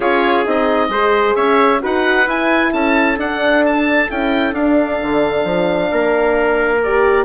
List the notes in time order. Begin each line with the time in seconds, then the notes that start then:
0.00 C#4 F4 G#4 C#5
0.45 C4 D#4 D#5
0.88 G#3 G#4 C5
1.35 C#4 C#5 E5
1.79 D#4 F#4 B4 F#5
2.26 E4 G#5
2.72 C#4 A4 A5
3.17 D4 F#5
3.65 A5
4.08 C#4 E4 G5
4.52 D4 F5
5.02 D3
5.44 F3
5.90 A#3 A#4
6.83 G4 D5